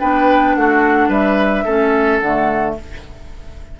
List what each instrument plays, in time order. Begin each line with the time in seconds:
0.00 bassoon B3, clarinet D4, oboe B4, flute G5
0.55 bassoon A3, oboe F#4, flute F#5
1.08 bassoon G3, oboe B4, flute E5
1.64 bassoon A3, clarinet C#4, oboe A4
2.19 bassoon D3, clarinet A3, flute F#5